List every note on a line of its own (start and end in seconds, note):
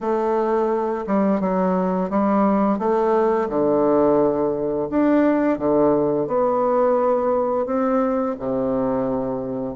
0.00 1.05 A3
1.07 1.40 G3
1.40 2.10 F#3
2.10 2.78 G3
2.78 3.48 A3
3.49 4.88 D3
4.90 5.58 D4
5.58 6.27 D3
6.27 7.66 B3
7.66 8.35 C4
8.39 9.75 C3